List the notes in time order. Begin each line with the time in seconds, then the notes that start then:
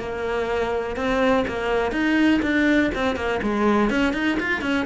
0.00 A#3
0.97 C4
1.48 A#3
1.92 D#4
2.43 D4
2.95 C4
3.16 A#3
3.43 G#3
3.91 C#4
4.14 D#4
4.40 F4
4.62 C#4